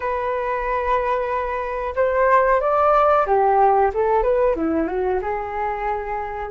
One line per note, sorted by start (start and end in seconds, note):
0.00 1.94 B4
1.95 2.60 C5
2.60 3.25 D5
3.26 3.91 G4
3.93 4.22 A4
4.22 4.55 B4
4.55 4.87 E4
4.87 5.20 F#4
5.21 6.50 G#4